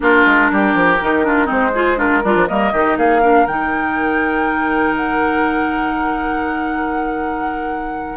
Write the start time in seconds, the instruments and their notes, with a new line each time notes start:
0.00 bassoon A#3, clarinet D4, oboe F4, flute A#4
0.25 bassoon G#3
0.51 bassoon G3, oboe G4
0.74 bassoon F3
1.01 bassoon D#3, clarinet D#4
1.23 clarinet D4, oboe F4
1.45 bassoon G#3, clarinet C4, oboe D#4
1.52 flute C5
1.74 clarinet F4, oboe G#4
1.96 clarinet D4, oboe F4, flute A#4
2.23 bassoon G3, oboe D4, clarinet F4
2.35 bassoon F3
2.47 bassoon G3, clarinet A#3, oboe A#4, flute D#5
2.72 bassoon D#3, clarinet D#4, oboe G4
2.96 bassoon A#3, oboe G#4, flute F5
3.21 clarinet D4, oboe A#4
3.46 bassoon D#3, clarinet D#4, flute G5
4.96 flute F#5